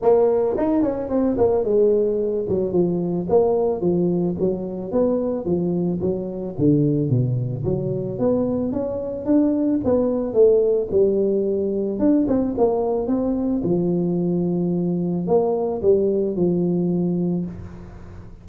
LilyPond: \new Staff \with { instrumentName = "tuba" } { \time 4/4 \tempo 4 = 110 ais4 dis'8 cis'8 c'8 ais8 gis4~ | gis8 fis8 f4 ais4 f4 | fis4 b4 f4 fis4 | d4 b,4 fis4 b4 |
cis'4 d'4 b4 a4 | g2 d'8 c'8 ais4 | c'4 f2. | ais4 g4 f2 | }